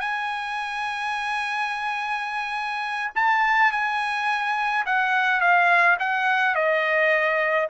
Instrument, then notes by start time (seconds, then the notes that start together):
trumpet
0.00 G#5
3.15 A5
3.72 G#5
4.86 F#5
5.40 F5
5.99 F#5
6.55 D#5